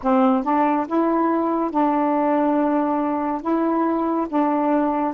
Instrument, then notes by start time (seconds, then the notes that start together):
saxophone
0.02 C4
0.43 D4
0.86 E4
1.71 D4
3.41 E4
4.28 D4